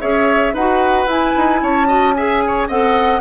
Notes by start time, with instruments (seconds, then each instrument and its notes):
0.00 bassoon C#4, clarinet G#4, oboe C#5, flute E5
0.53 bassoon D#4, clarinet F#4, oboe B4, flute F#5
1.06 bassoon E4, clarinet E4, flute G#5
1.37 bassoon D#4
1.62 bassoon C#4, oboe C#5, flute A5
1.87 clarinet F#4, oboe D#5
2.14 clarinet G#4, oboe E5, flute G#5
2.47 oboe C#5
2.67 bassoon C4, clarinet A4, oboe D#5, flute F#5